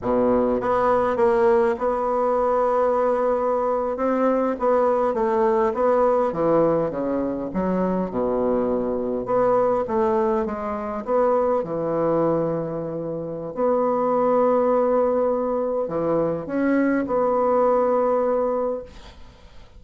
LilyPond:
\new Staff \with { instrumentName = "bassoon" } { \time 4/4 \tempo 4 = 102 b,4 b4 ais4 b4~ | b2~ b8. c'4 b16~ | b8. a4 b4 e4 cis16~ | cis8. fis4 b,2 b16~ |
b8. a4 gis4 b4 e16~ | e2. b4~ | b2. e4 | cis'4 b2. | }